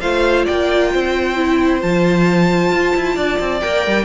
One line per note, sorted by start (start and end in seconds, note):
0.00 0.46 A3
0.00 1.36 F4
0.00 0.45 C5
0.00 0.45 F5
0.45 0.94 A#3
0.45 0.90 D5
0.45 1.81 G5
0.92 1.82 C4
0.92 3.15 C5
1.36 1.80 E4
1.80 2.72 F3
1.80 3.60 F4
1.80 3.60 A5
2.72 2.94 F4
2.95 3.16 E4
3.15 3.39 D4
3.15 4.05 D5
3.39 3.62 C4
3.60 3.86 A#3
3.60 4.05 A#4
3.60 4.05 G5
3.86 4.05 G3